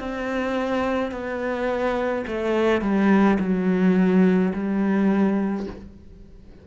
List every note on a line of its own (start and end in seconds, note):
0.00 1.12 C4
1.12 2.25 B3
2.27 2.82 A3
2.82 3.39 G3
3.40 4.53 F#3
4.54 5.67 G3